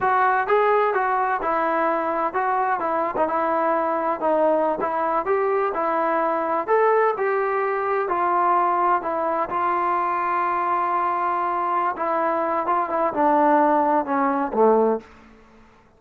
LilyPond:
\new Staff \with { instrumentName = "trombone" } { \time 4/4 \tempo 4 = 128 fis'4 gis'4 fis'4 e'4~ | e'4 fis'4 e'8. dis'16 e'4~ | e'4 dis'4~ dis'16 e'4 g'8.~ | g'16 e'2 a'4 g'8.~ |
g'4~ g'16 f'2 e'8.~ | e'16 f'2.~ f'8.~ | f'4. e'4. f'8 e'8 | d'2 cis'4 a4 | }